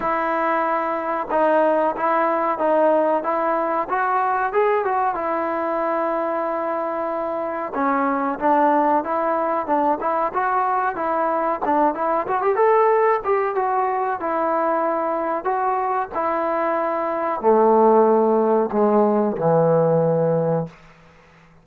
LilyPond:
\new Staff \with { instrumentName = "trombone" } { \time 4/4 \tempo 4 = 93 e'2 dis'4 e'4 | dis'4 e'4 fis'4 gis'8 fis'8 | e'1 | cis'4 d'4 e'4 d'8 e'8 |
fis'4 e'4 d'8 e'8 fis'16 g'16 a'8~ | a'8 g'8 fis'4 e'2 | fis'4 e'2 a4~ | a4 gis4 e2 | }